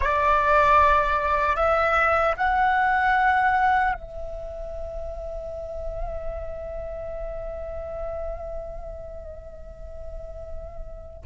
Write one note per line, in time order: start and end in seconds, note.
0.00 1.56 D5
1.56 2.35 E5
2.36 3.93 F#5
3.93 11.24 E5